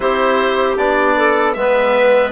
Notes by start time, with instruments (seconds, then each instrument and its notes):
0.00 bassoon C4, trombone E4, clarinet G4, oboe C5
0.77 bassoon B3, trombone D4, oboe D5
1.16 clarinet A4
1.53 bassoon G#3, trombone B3, clarinet B4, oboe E5